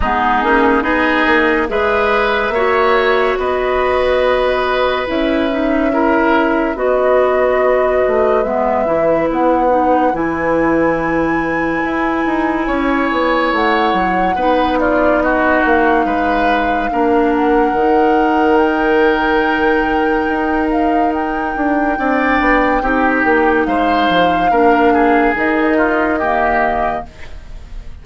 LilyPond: <<
  \new Staff \with { instrumentName = "flute" } { \time 4/4 \tempo 4 = 71 gis'4 dis''4 e''2 | dis''2 e''2 | dis''2 e''4 fis''4 | gis''1 |
fis''4. d''8 dis''8 f''4.~ | f''8 fis''4. g''2~ | g''8 f''8 g''2. | f''2 dis''2 | }
  \new Staff \with { instrumentName = "oboe" } { \time 4/4 dis'4 gis'4 b'4 cis''4 | b'2. ais'4 | b'1~ | b'2. cis''4~ |
cis''4 b'8 f'8 fis'4 b'4 | ais'1~ | ais'2 d''4 g'4 | c''4 ais'8 gis'4 f'8 g'4 | }
  \new Staff \with { instrumentName = "clarinet" } { \time 4/4 b8 cis'8 dis'4 gis'4 fis'4~ | fis'2 e'8 dis'8 e'4 | fis'2 b8 e'4 dis'8 | e'1~ |
e'4 dis'2. | d'4 dis'2.~ | dis'2 d'4 dis'4~ | dis'4 d'4 dis'4 ais4 | }
  \new Staff \with { instrumentName = "bassoon" } { \time 4/4 gis8 ais8 b8 ais8 gis4 ais4 | b2 cis'2 | b4. a8 gis8 e8 b4 | e2 e'8 dis'8 cis'8 b8 |
a8 fis8 b4. ais8 gis4 | ais4 dis2. | dis'4. d'8 c'8 b8 c'8 ais8 | gis8 f8 ais4 dis2 | }
>>